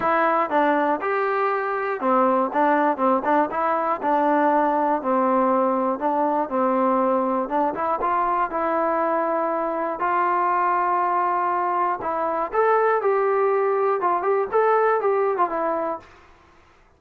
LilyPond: \new Staff \with { instrumentName = "trombone" } { \time 4/4 \tempo 4 = 120 e'4 d'4 g'2 | c'4 d'4 c'8 d'8 e'4 | d'2 c'2 | d'4 c'2 d'8 e'8 |
f'4 e'2. | f'1 | e'4 a'4 g'2 | f'8 g'8 a'4 g'8. f'16 e'4 | }